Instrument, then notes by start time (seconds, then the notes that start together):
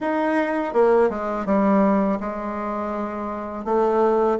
bassoon
0.00 D#4
0.73 A#3
1.09 G#3
1.45 G3
2.20 G#3
3.64 A3